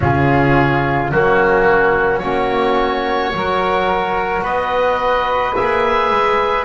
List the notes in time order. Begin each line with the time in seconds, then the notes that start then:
0.00 C#3 C#4 F4 G#4
1.11 F#3 A#3 C#4 F#4
2.19 A#3 C#4 F#4 C#5
3.33 F#3 F#4 A#4
4.42 B3 B4 D#5
5.55 A#3 G#4 E5
6.10 G#3